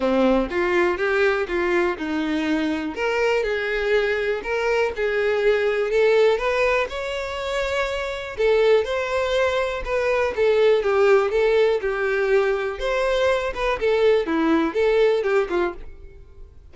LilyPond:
\new Staff \with { instrumentName = "violin" } { \time 4/4 \tempo 4 = 122 c'4 f'4 g'4 f'4 | dis'2 ais'4 gis'4~ | gis'4 ais'4 gis'2 | a'4 b'4 cis''2~ |
cis''4 a'4 c''2 | b'4 a'4 g'4 a'4 | g'2 c''4. b'8 | a'4 e'4 a'4 g'8 f'8 | }